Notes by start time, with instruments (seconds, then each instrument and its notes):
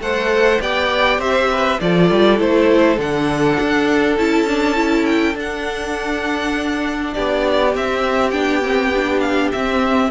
0.00 cello A3, viola A4, violin C5 F#5
0.60 cello B3, viola G4, violin D5 G5
1.19 cello C4, violin C5 E5
1.52 violin B4
1.81 cello F3, viola F4, violin A4 D5
2.11 cello G3
2.38 cello A3, viola E4, violin C5
2.98 cello D3, viola D4, violin F#5
3.61 cello D4
4.18 cello C#4, viola E4, violin A5
4.47 viola D4
4.75 viola E4
5.06 violin G5
5.35 viola D4, cello D4, violin F#5
7.14 cello B3, violin G4 D5
7.75 cello C4, viola C4, violin E5
8.31 cello B3, viola D4, violin G5
8.63 viola C4
8.95 viola D4
9.21 violin F5
9.52 viola C4, cello C4, violin E5